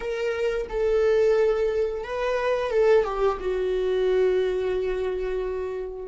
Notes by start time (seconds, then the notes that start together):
0.00 A#4
0.69 A4
2.03 B4
2.70 A4
3.04 G4
3.40 F#4